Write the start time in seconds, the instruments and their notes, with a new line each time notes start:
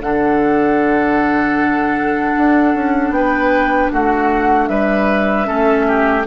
0.00 bassoon D3, clarinet D4, oboe A4, flute F#5
2.37 bassoon D4
2.74 bassoon C#4
3.10 bassoon B3, flute G5
3.16 oboe B4
3.92 bassoon A3, oboe F#4, flute F#5
4.68 bassoon G3, oboe B4, flute E5
5.45 bassoon A3, clarinet C#4, oboe A4
5.88 oboe G4